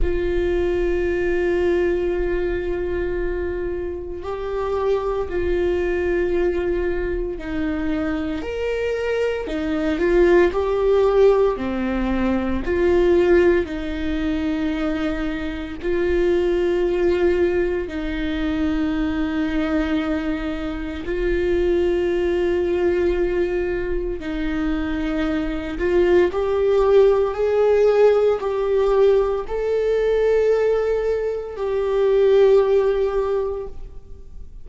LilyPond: \new Staff \with { instrumentName = "viola" } { \time 4/4 \tempo 4 = 57 f'1 | g'4 f'2 dis'4 | ais'4 dis'8 f'8 g'4 c'4 | f'4 dis'2 f'4~ |
f'4 dis'2. | f'2. dis'4~ | dis'8 f'8 g'4 gis'4 g'4 | a'2 g'2 | }